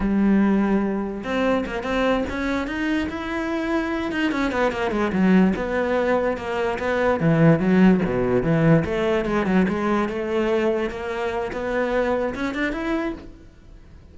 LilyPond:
\new Staff \with { instrumentName = "cello" } { \time 4/4 \tempo 4 = 146 g2. c'4 | ais8 c'4 cis'4 dis'4 e'8~ | e'2 dis'8 cis'8 b8 ais8 | gis8 fis4 b2 ais8~ |
ais8 b4 e4 fis4 b,8~ | b,8 e4 a4 gis8 fis8 gis8~ | gis8 a2 ais4. | b2 cis'8 d'8 e'4 | }